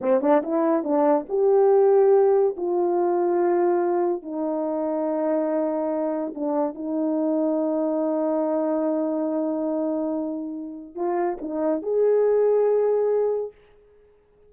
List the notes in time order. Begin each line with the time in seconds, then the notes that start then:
0.01 C4
0.21 D4
0.42 E4
0.83 D4
1.28 G4
2.56 F4
4.22 D#4
6.34 D4
6.74 D#4
10.95 F4
11.41 D#4
11.82 G#4